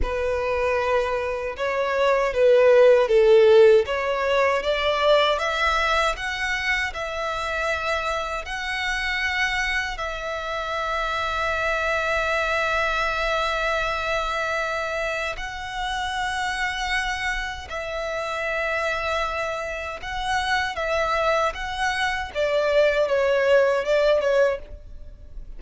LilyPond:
\new Staff \with { instrumentName = "violin" } { \time 4/4 \tempo 4 = 78 b'2 cis''4 b'4 | a'4 cis''4 d''4 e''4 | fis''4 e''2 fis''4~ | fis''4 e''2.~ |
e''1 | fis''2. e''4~ | e''2 fis''4 e''4 | fis''4 d''4 cis''4 d''8 cis''8 | }